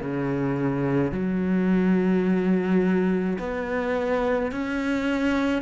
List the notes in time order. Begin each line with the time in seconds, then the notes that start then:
0.00 C#3
1.12 F#3
3.39 B3
4.51 C#4